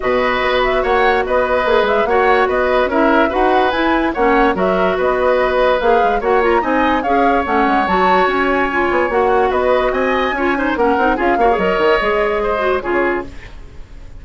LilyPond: <<
  \new Staff \with { instrumentName = "flute" } { \time 4/4 \tempo 4 = 145 dis''4. e''8 fis''4 dis''4~ | dis''8 e''8 fis''4 dis''4 e''4 | fis''4 gis''4 fis''4 e''4 | dis''2 f''4 fis''8 ais''8 |
gis''4 f''4 fis''4 a''4 | gis''2 fis''4 dis''4 | gis''2 fis''4 f''4 | dis''2. cis''4 | }
  \new Staff \with { instrumentName = "oboe" } { \time 4/4 b'2 cis''4 b'4~ | b'4 cis''4 b'4 ais'4 | b'2 cis''4 ais'4 | b'2. cis''4 |
dis''4 cis''2.~ | cis''2. b'4 | dis''4 cis''8 c''8 ais'4 gis'8 cis''8~ | cis''2 c''4 gis'4 | }
  \new Staff \with { instrumentName = "clarinet" } { \time 4/4 fis'1 | gis'4 fis'2 e'4 | fis'4 e'4 cis'4 fis'4~ | fis'2 gis'4 fis'8 f'8 |
dis'4 gis'4 cis'4 fis'4~ | fis'4 f'4 fis'2~ | fis'4 f'8 dis'8 cis'8 dis'8 f'8 fis'16 gis'16 | ais'4 gis'4. fis'8 f'4 | }
  \new Staff \with { instrumentName = "bassoon" } { \time 4/4 b,4 b4 ais4 b4 | ais8 gis8 ais4 b4 cis'4 | dis'4 e'4 ais4 fis4 | b2 ais8 gis8 ais4 |
c'4 cis'4 a8 gis8 fis4 | cis'4. b8 ais4 b4 | c'4 cis'4 ais8 c'8 cis'8 ais8 | fis8 dis8 gis2 cis4 | }
>>